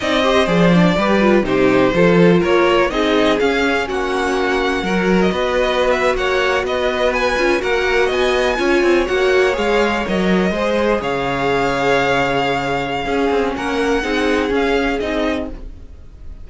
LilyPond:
<<
  \new Staff \with { instrumentName = "violin" } { \time 4/4 \tempo 4 = 124 dis''4 d''2 c''4~ | c''4 cis''4 dis''4 f''4 | fis''2~ fis''8. dis''4~ dis''16~ | dis''16 e''8 fis''4 dis''4 gis''4 fis''16~ |
fis''8. gis''2 fis''4 f''16~ | f''8. dis''2 f''4~ f''16~ | f''1 | fis''2 f''4 dis''4 | }
  \new Staff \with { instrumentName = "violin" } { \time 4/4 d''8 c''4. b'4 g'4 | a'4 ais'4 gis'2 | fis'2 ais'4 b'4~ | b'8. cis''4 b'2 ais'16~ |
ais'8. dis''4 cis''2~ cis''16~ | cis''4.~ cis''16 c''4 cis''4~ cis''16~ | cis''2. gis'4 | ais'4 gis'2. | }
  \new Staff \with { instrumentName = "viola" } { \time 4/4 dis'8 g'8 gis'8 d'8 g'8 f'8 dis'4 | f'2 dis'4 cis'4~ | cis'2 fis'2~ | fis'2.~ fis'16 f'8 fis'16~ |
fis'4.~ fis'16 f'4 fis'4 gis'16~ | gis'8. ais'4 gis'2~ gis'16~ | gis'2. cis'4~ | cis'4 dis'4 cis'4 dis'4 | }
  \new Staff \with { instrumentName = "cello" } { \time 4/4 c'4 f4 g4 c4 | f4 ais4 c'4 cis'4 | ais2 fis4 b4~ | b8. ais4 b4. cis'8 ais16~ |
ais8. b4 cis'8 c'8 ais4 gis16~ | gis8. fis4 gis4 cis4~ cis16~ | cis2. cis'8 c'8 | ais4 c'4 cis'4 c'4 | }
>>